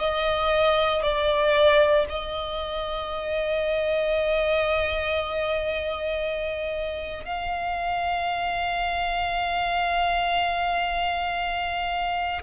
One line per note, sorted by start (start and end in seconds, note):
0.00 1.03 D#5
1.03 2.06 D5
2.10 7.25 D#5
7.25 12.42 F5